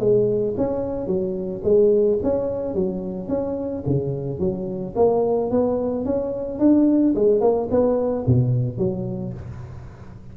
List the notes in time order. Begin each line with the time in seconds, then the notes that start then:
0.00 G#3
0.58 C#4
1.07 F#3
1.64 G#3
2.23 C#4
2.75 F#3
3.29 C#4
3.87 C#3
4.40 F#3
4.96 A#3
5.51 B3
6.06 C#4
6.60 D4
7.16 G#3
7.41 A#3
7.71 B3
8.27 B2
8.78 F#3